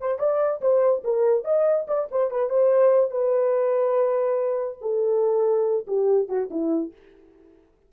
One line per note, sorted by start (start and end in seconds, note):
0.00 0.18 C5
0.18 0.60 D5
0.61 1.03 C5
1.04 1.44 A#4
1.44 1.86 D#5
1.87 2.08 D5
2.11 2.31 C5
2.31 2.49 B4
2.49 3.10 C5
3.10 4.78 B4
4.81 5.86 A4
5.87 6.28 G4
6.28 6.49 F#4
6.50 6.92 E4